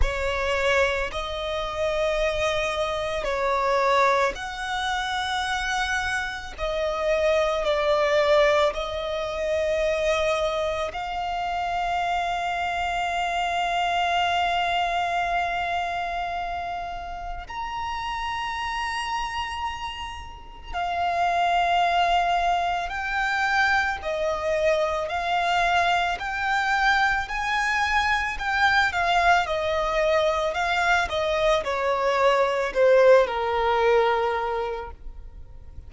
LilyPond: \new Staff \with { instrumentName = "violin" } { \time 4/4 \tempo 4 = 55 cis''4 dis''2 cis''4 | fis''2 dis''4 d''4 | dis''2 f''2~ | f''1 |
ais''2. f''4~ | f''4 g''4 dis''4 f''4 | g''4 gis''4 g''8 f''8 dis''4 | f''8 dis''8 cis''4 c''8 ais'4. | }